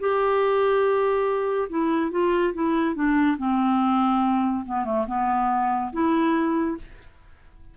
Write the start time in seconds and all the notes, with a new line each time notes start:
0.00 G4
1.70 E4
2.11 F4
2.54 E4
2.95 D4
3.38 C4
4.66 B3
4.85 A3
5.07 B3
5.93 E4